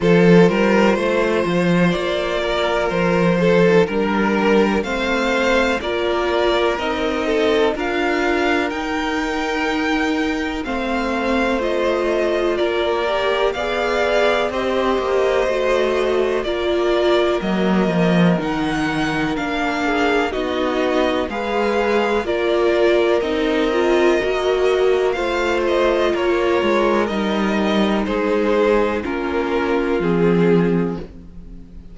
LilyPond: <<
  \new Staff \with { instrumentName = "violin" } { \time 4/4 \tempo 4 = 62 c''2 d''4 c''4 | ais'4 f''4 d''4 dis''4 | f''4 g''2 f''4 | dis''4 d''4 f''4 dis''4~ |
dis''4 d''4 dis''4 fis''4 | f''4 dis''4 f''4 d''4 | dis''2 f''8 dis''8 cis''4 | dis''4 c''4 ais'4 gis'4 | }
  \new Staff \with { instrumentName = "violin" } { \time 4/4 a'8 ais'8 c''4. ais'4 a'8 | ais'4 c''4 ais'4. a'8 | ais'2. c''4~ | c''4 ais'4 d''4 c''4~ |
c''4 ais'2.~ | ais'8 gis'8 fis'4 b'4 ais'4~ | ais'2 c''4 ais'4~ | ais'4 gis'4 f'2 | }
  \new Staff \with { instrumentName = "viola" } { \time 4/4 f'2.~ f'8. dis'16 | d'4 c'4 f'4 dis'4 | f'4 dis'2 c'4 | f'4. g'8 gis'4 g'4 |
fis'4 f'4 ais4 dis'4 | d'4 dis'4 gis'4 f'4 | dis'8 f'8 fis'4 f'2 | dis'2 cis'4 c'4 | }
  \new Staff \with { instrumentName = "cello" } { \time 4/4 f8 g8 a8 f8 ais4 f4 | g4 a4 ais4 c'4 | d'4 dis'2 a4~ | a4 ais4 b4 c'8 ais8 |
a4 ais4 fis8 f8 dis4 | ais4 b4 gis4 ais4 | c'4 ais4 a4 ais8 gis8 | g4 gis4 ais4 f4 | }
>>